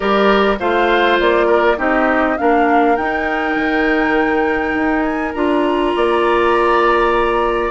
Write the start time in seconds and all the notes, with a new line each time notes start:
0.00 G3 G4 A#4 D5
0.59 A3 F4 C5 F5
1.19 A#3 D5
1.47 A#4
1.76 C4 D#4 G4 D#5
2.37 A#3 D4 A#4 F5
2.96 D#4 G5
3.55 D#3
4.74 D#4
5.02 G#5
5.34 D4 F4 A#5
5.95 A#3 D5